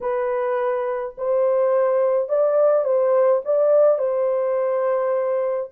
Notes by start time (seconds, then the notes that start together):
0.00 B4
1.17 C5
2.28 D5
2.84 C5
3.44 D5
3.98 C5